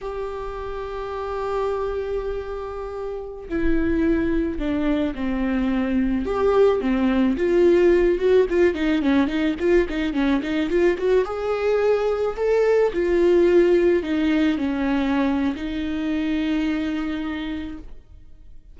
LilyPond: \new Staff \with { instrumentName = "viola" } { \time 4/4 \tempo 4 = 108 g'1~ | g'2~ g'16 e'4.~ e'16~ | e'16 d'4 c'2 g'8.~ | g'16 c'4 f'4. fis'8 f'8 dis'16~ |
dis'16 cis'8 dis'8 f'8 dis'8 cis'8 dis'8 f'8 fis'16~ | fis'16 gis'2 a'4 f'8.~ | f'4~ f'16 dis'4 cis'4.~ cis'16 | dis'1 | }